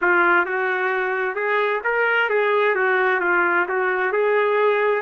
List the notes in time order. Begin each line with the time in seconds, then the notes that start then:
0.01 F4
0.45 F#4
1.35 G#4
1.83 A#4
2.29 G#4
2.75 F#4
3.20 F4
3.68 F#4
4.12 G#4